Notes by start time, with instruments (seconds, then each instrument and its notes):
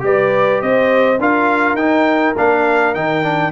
0.00 tuba G3, trombone G4, horn B4, trumpet D5
0.62 tuba C4, horn C5, trumpet D#5
1.19 tuba D4, trombone F4, horn A#4, trumpet F5
1.75 tuba D#4, trombone D#4, trumpet G5
2.38 tuba A#3, trombone D4, trumpet F5
2.95 tuba D#3, trombone D#4, trumpet G5
3.23 trombone D4